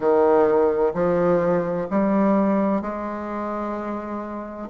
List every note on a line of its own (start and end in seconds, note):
0.00 0.92 D#3
0.94 1.87 F3
1.90 2.81 G3
2.81 4.69 G#3